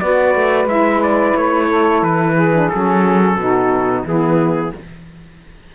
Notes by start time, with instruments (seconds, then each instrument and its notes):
0.00 cello B3, saxophone F#4 B4, trumpet D5
0.35 cello A3
0.65 cello G#3, saxophone E4, trumpet E5
1.03 trumpet D5
1.37 cello A3, trumpet C#5
1.68 saxophone A4
2.03 cello E3, trumpet B4
2.35 saxophone G#4
2.54 saxophone D4
2.69 cello F#3, saxophone C#4, trumpet A4
3.37 cello B2, saxophone D#4 F#4
4.05 cello E3, saxophone B3 E4, trumpet G#4